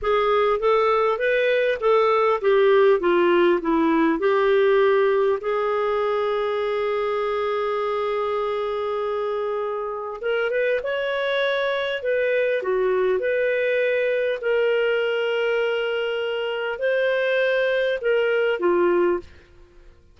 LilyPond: \new Staff \with { instrumentName = "clarinet" } { \time 4/4 \tempo 4 = 100 gis'4 a'4 b'4 a'4 | g'4 f'4 e'4 g'4~ | g'4 gis'2.~ | gis'1~ |
gis'4 ais'8 b'8 cis''2 | b'4 fis'4 b'2 | ais'1 | c''2 ais'4 f'4 | }